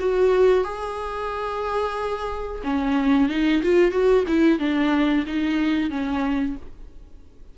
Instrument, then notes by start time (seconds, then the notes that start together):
viola
0.00 F#4
0.64 G#4
2.64 C#4
3.29 D#4
3.63 F4
3.92 F#4
4.28 E4
4.59 D4
5.27 D#4
5.91 C#4